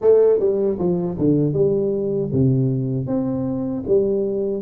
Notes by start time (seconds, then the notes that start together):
0.01 A3
0.39 G3
0.78 F3
1.18 D3
1.53 G3
2.33 C3
3.06 C4
3.87 G3